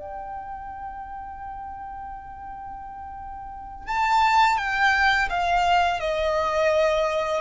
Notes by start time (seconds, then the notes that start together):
0.00 G5
3.88 A5
4.58 G5
5.30 F5
6.00 D#5